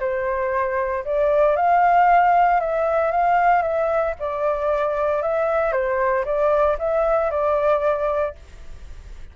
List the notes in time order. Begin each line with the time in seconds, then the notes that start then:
0.00 C5
1.05 D5
1.56 F5
2.60 E5
3.11 F5
3.62 E5
4.20 D5
5.22 E5
5.72 C5
6.25 D5
6.78 E5
7.31 D5